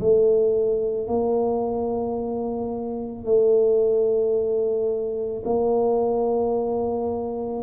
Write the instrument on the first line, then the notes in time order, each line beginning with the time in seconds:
tuba
0.00 A3
1.08 A#3
3.25 A3
5.45 A#3